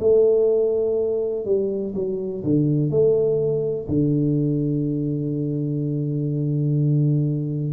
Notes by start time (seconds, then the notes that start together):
0.00 A3
1.45 G3
1.95 F#3
2.43 D3
2.90 A3
3.88 D3